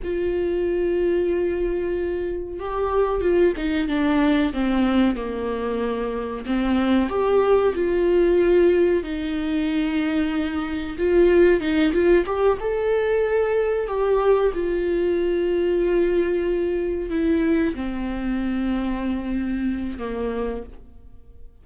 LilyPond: \new Staff \with { instrumentName = "viola" } { \time 4/4 \tempo 4 = 93 f'1 | g'4 f'8 dis'8 d'4 c'4 | ais2 c'4 g'4 | f'2 dis'2~ |
dis'4 f'4 dis'8 f'8 g'8 a'8~ | a'4. g'4 f'4.~ | f'2~ f'8 e'4 c'8~ | c'2. ais4 | }